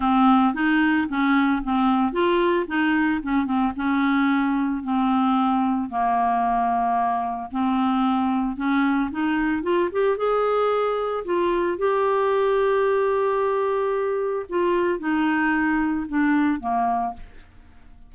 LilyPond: \new Staff \with { instrumentName = "clarinet" } { \time 4/4 \tempo 4 = 112 c'4 dis'4 cis'4 c'4 | f'4 dis'4 cis'8 c'8 cis'4~ | cis'4 c'2 ais4~ | ais2 c'2 |
cis'4 dis'4 f'8 g'8 gis'4~ | gis'4 f'4 g'2~ | g'2. f'4 | dis'2 d'4 ais4 | }